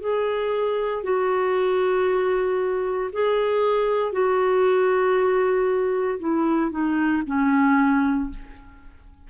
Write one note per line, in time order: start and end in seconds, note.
0.00 1.03 G#4
1.03 3.10 F#4
3.13 4.12 G#4
4.12 6.19 F#4
6.19 6.71 E4
6.71 7.22 D#4
7.26 8.29 C#4